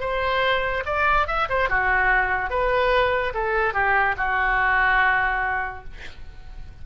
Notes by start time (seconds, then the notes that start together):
0.00 C5
0.85 D5
1.27 E5
1.49 C5
1.69 F#4
2.50 B4
3.34 A4
3.73 G4
4.17 F#4